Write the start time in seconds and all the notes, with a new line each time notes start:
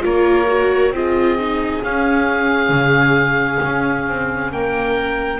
0.00 A#3 F4 A#4 C#5
0.47 F#4
0.90 C4 F4 G#4 D#5
1.38 D#4
1.82 C#4 F5
2.69 C#3
3.65 C#4
4.07 C4
4.51 A#3 A#4 G5